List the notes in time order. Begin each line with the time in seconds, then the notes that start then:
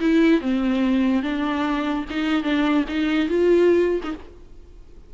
0.00 E4
0.41 C4
1.22 D4
2.10 D#4
2.43 D4
2.88 D#4
3.28 F4
4.03 D#4